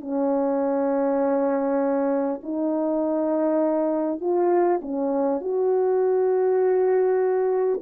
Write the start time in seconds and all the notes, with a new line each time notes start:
0.00 C#4
2.43 D#4
4.20 F4
4.81 C#4
5.41 F#4